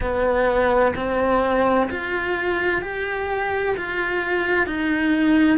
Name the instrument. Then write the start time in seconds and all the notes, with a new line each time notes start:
cello
0.00 B3
0.95 C4
1.90 F4
2.81 G4
3.77 F4
4.66 D#4